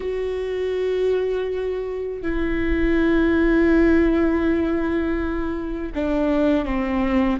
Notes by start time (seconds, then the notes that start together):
0.00 F#4
2.22 E4
5.95 D4
6.65 C4